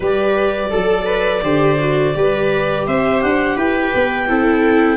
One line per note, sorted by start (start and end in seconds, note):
0.00 0.72 G3
0.00 0.72 G4
0.00 0.70 B4
0.00 2.86 D5
0.70 1.43 F#3
0.70 1.05 A4
0.70 1.42 A4
1.05 1.41 B4
1.42 2.14 D3
1.42 1.78 G4
1.42 2.15 C5
1.79 2.14 F#4
2.14 2.87 G3
2.14 4.28 G4
2.14 2.87 B4
2.86 3.23 C4
2.86 3.56 C5
2.86 3.21 E5
3.21 3.56 D4
3.21 3.57 F#5
3.56 3.92 E4
3.56 4.27 B4
3.56 4.97 G5
3.94 4.29 B3
4.28 4.97 C4
4.28 4.97 E4
4.28 4.97 A4